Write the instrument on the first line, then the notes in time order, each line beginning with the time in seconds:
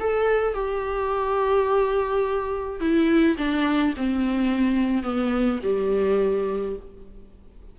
viola
0.00 A4
0.54 G4
2.80 E4
3.38 D4
3.97 C4
5.03 B3
5.63 G3